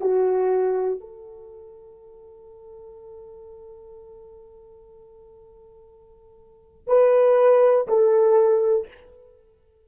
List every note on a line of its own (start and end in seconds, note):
0.00 1.00 F#4
1.00 6.87 A4
6.87 7.87 B4
7.88 8.88 A4